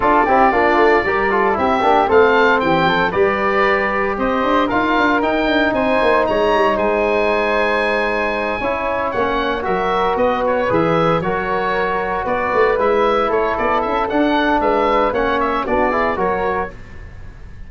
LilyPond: <<
  \new Staff \with { instrumentName = "oboe" } { \time 4/4 \tempo 4 = 115 d''2. e''4 | f''4 g''4 d''2 | dis''4 f''4 g''4 gis''4 | ais''4 gis''2.~ |
gis''4. fis''4 e''4 dis''8 | cis''8 e''4 cis''2 d''8~ | d''8 e''4 cis''8 d''8 e''8 fis''4 | e''4 fis''8 e''8 d''4 cis''4 | }
  \new Staff \with { instrumentName = "flute" } { \time 4/4 a'8 g'8 f'4 ais'8 a'8 g'4 | a'4 g'8 a'8 b'2 | c''4 ais'2 c''4 | cis''4 c''2.~ |
c''8 cis''2 ais'4 b'8~ | b'4. ais'2 b'8~ | b'4. a'2~ a'8 | b'4 cis''4 fis'8 gis'8 ais'4 | }
  \new Staff \with { instrumentName = "trombone" } { \time 4/4 f'8 e'8 d'4 g'8 f'8 e'8 d'8 | c'2 g'2~ | g'4 f'4 dis'2~ | dis'1~ |
dis'8 e'4 cis'4 fis'4.~ | fis'8 gis'4 fis'2~ fis'8~ | fis'8 e'2~ e'8 d'4~ | d'4 cis'4 d'8 e'8 fis'4 | }
  \new Staff \with { instrumentName = "tuba" } { \time 4/4 d'8 c'8 ais8 a8 g4 c'8 ais8 | a4 e8 f8 g2 | c'8 d'8 dis'8 d'8 dis'8 d'8 c'8 ais8 | gis8 g8 gis2.~ |
gis8 cis'4 ais4 fis4 b8~ | b8 e4 fis2 b8 | a8 gis4 a8 b8 cis'8 d'4 | gis4 ais4 b4 fis4 | }
>>